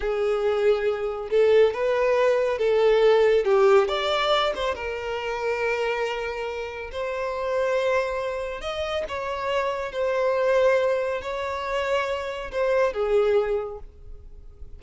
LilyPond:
\new Staff \with { instrumentName = "violin" } { \time 4/4 \tempo 4 = 139 gis'2. a'4 | b'2 a'2 | g'4 d''4. c''8 ais'4~ | ais'1 |
c''1 | dis''4 cis''2 c''4~ | c''2 cis''2~ | cis''4 c''4 gis'2 | }